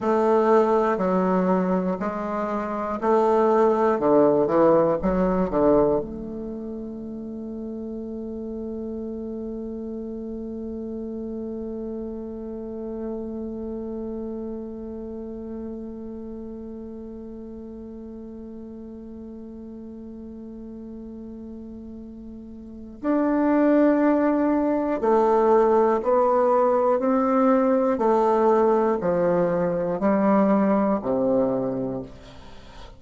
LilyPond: \new Staff \with { instrumentName = "bassoon" } { \time 4/4 \tempo 4 = 60 a4 fis4 gis4 a4 | d8 e8 fis8 d8 a2~ | a1~ | a1~ |
a1~ | a2. d'4~ | d'4 a4 b4 c'4 | a4 f4 g4 c4 | }